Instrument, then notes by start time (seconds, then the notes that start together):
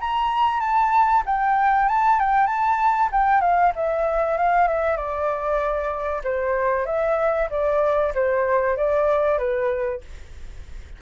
flute
0.00 A#5
0.60 A5
1.26 G5
1.88 A5
2.19 G5
2.47 A5
3.12 G5
3.41 F5
3.75 E5
4.37 F5
4.67 E5
4.96 D5
6.24 C5
6.86 E5
7.50 D5
8.14 C5
8.76 D5
9.38 B4